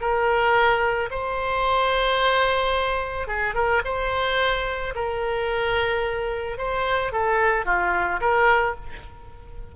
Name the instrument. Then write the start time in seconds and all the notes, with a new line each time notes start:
oboe
0.00 A#4
1.10 C5
3.27 G#4
3.54 A#4
3.84 C5
4.95 A#4
6.58 C5
7.12 A4
7.65 F4
8.20 A#4